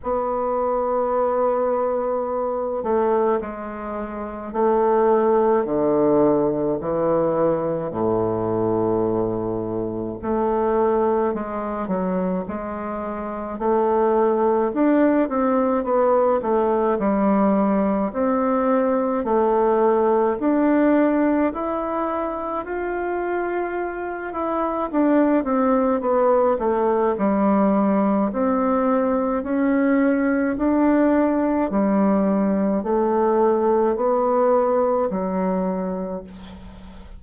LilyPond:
\new Staff \with { instrumentName = "bassoon" } { \time 4/4 \tempo 4 = 53 b2~ b8 a8 gis4 | a4 d4 e4 a,4~ | a,4 a4 gis8 fis8 gis4 | a4 d'8 c'8 b8 a8 g4 |
c'4 a4 d'4 e'4 | f'4. e'8 d'8 c'8 b8 a8 | g4 c'4 cis'4 d'4 | g4 a4 b4 fis4 | }